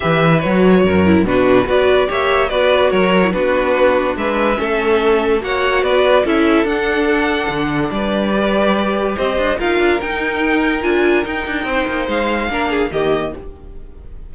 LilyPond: <<
  \new Staff \with { instrumentName = "violin" } { \time 4/4 \tempo 4 = 144 e''4 cis''2 b'4 | d''4 e''4 d''4 cis''4 | b'2 e''2~ | e''4 fis''4 d''4 e''4 |
fis''2. d''4~ | d''2 dis''4 f''4 | g''2 gis''4 g''4~ | g''4 f''2 dis''4 | }
  \new Staff \with { instrumentName = "violin" } { \time 4/4 b'2 ais'4 fis'4 | b'4 cis''4 b'4 ais'4 | fis'2 b'4 a'4~ | a'4 cis''4 b'4 a'4~ |
a'2. b'4~ | b'2 c''4 ais'4~ | ais'1 | c''2 ais'8 gis'8 g'4 | }
  \new Staff \with { instrumentName = "viola" } { \time 4/4 g'4 fis'4. e'8 d'4 | fis'4 g'4 fis'4.~ fis'16 e'16 | d'2. cis'4~ | cis'4 fis'2 e'4 |
d'1 | g'2. f'4 | dis'2 f'4 dis'4~ | dis'2 d'4 ais4 | }
  \new Staff \with { instrumentName = "cello" } { \time 4/4 e4 fis4 fis,4 b,4 | b4 ais4 b4 fis4 | b2 gis4 a4~ | a4 ais4 b4 cis'4 |
d'2 d4 g4~ | g2 c'8 d'8 dis'8 d'8 | dis'2 d'4 dis'8 d'8 | c'8 ais8 gis4 ais4 dis4 | }
>>